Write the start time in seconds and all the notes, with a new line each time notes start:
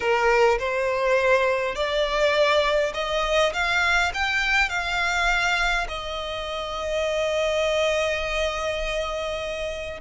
0.00 A#4
0.58 C5
1.75 D5
2.94 D#5
3.53 F5
4.14 G5
4.69 F5
5.88 D#5